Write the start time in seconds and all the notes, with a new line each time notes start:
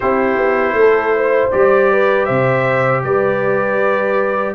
0.00 C4 E4 G4 C5
0.36 B3
0.72 A3
0.79 A4
1.16 C5
1.51 G3 G4 D5
1.91 B4
2.25 C3 C5 E5
3.03 G3 B4 D5